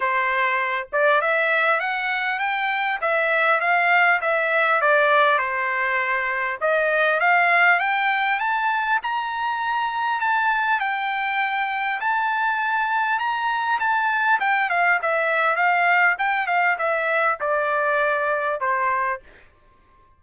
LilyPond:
\new Staff \with { instrumentName = "trumpet" } { \time 4/4 \tempo 4 = 100 c''4. d''8 e''4 fis''4 | g''4 e''4 f''4 e''4 | d''4 c''2 dis''4 | f''4 g''4 a''4 ais''4~ |
ais''4 a''4 g''2 | a''2 ais''4 a''4 | g''8 f''8 e''4 f''4 g''8 f''8 | e''4 d''2 c''4 | }